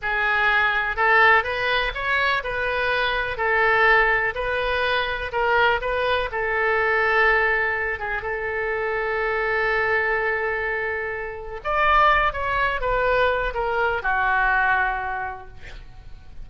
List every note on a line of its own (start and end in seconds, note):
0.02 0.96 G#4
0.96 1.43 A4
1.43 1.92 B4
1.94 2.43 C#5
2.43 3.37 B4
3.37 4.34 A4
4.34 5.31 B4
5.32 5.80 A#4
5.81 6.29 B4
6.31 7.99 A4
7.99 8.21 G#4
8.21 11.60 A4
11.63 12.33 D5
12.33 12.80 C#5
12.80 13.53 B4
13.54 14.02 A#4
14.02 15.47 F#4